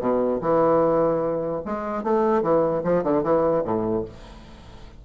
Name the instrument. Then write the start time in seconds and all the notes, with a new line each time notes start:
bassoon
0.00 B2
0.41 E3
1.65 G#3
2.03 A3
2.42 E3
2.84 F3
3.03 D3
3.23 E3
3.64 A2